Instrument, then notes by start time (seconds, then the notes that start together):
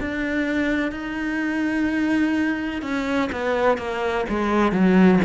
cello
0.00 D4
0.92 D#4
2.82 C#4
3.32 B3
3.77 A#3
4.29 G#3
4.72 F#3